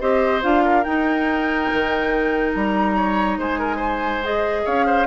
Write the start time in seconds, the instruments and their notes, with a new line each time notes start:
0.00 bassoon C4, clarinet G4, oboe C5, flute D#5
0.42 bassoon D4, clarinet F4, flute F5
0.65 oboe A#4
0.84 clarinet D#4, bassoon D#4, flute G5
1.73 bassoon D#3
2.54 bassoon G3, flute A#5
2.97 oboe C#5
3.38 bassoon G#3, oboe C5, flute G#5
3.59 oboe A#4
3.77 oboe C5
4.23 clarinet G#4, flute D#5
4.65 bassoon C#4, oboe C#5, flute F5
4.86 oboe C5